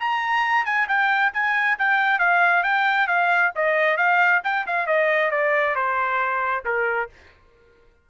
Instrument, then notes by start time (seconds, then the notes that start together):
trumpet
0.00 A#5
0.65 G#5
0.88 G5
1.34 G#5
1.79 G5
2.19 F5
2.64 G5
3.07 F5
3.55 D#5
3.97 F5
4.44 G5
4.67 F5
4.87 D#5
5.31 D5
5.76 C5
6.65 A#4